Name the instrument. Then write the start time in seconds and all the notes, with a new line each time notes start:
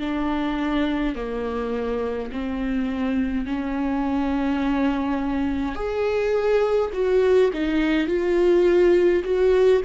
viola
0.00 D4
1.15 A#3
2.32 C4
3.46 C#4
5.75 G#4
6.93 F#4
7.53 D#4
8.08 F4
9.24 F#4